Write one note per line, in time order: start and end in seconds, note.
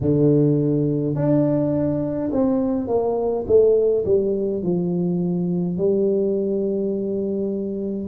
0.00 1.15 D3
1.15 2.30 D4
2.31 2.87 C4
2.87 3.45 A#3
3.47 4.04 A3
4.05 4.63 G3
4.63 5.77 F3
5.77 8.08 G3